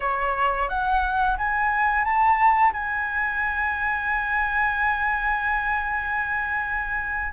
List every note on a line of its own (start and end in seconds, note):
0.00 0.68 C#5
0.68 1.36 F#5
1.37 2.04 G#5
2.04 2.72 A5
2.72 7.32 G#5